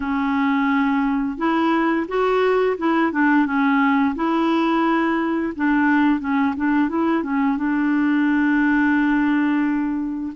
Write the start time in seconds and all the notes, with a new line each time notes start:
0.00 C#4
1.37 E4
2.08 F#4
2.77 E4
3.12 D4
3.45 C#4
4.15 E4
5.55 D4
6.20 C#4
6.56 D4
6.88 E4
7.23 C#4
7.57 D4